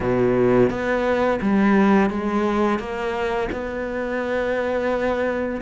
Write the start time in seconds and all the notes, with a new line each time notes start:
0.00 B2
0.69 B3
1.41 G3
2.09 G#3
2.79 A#3
3.52 B3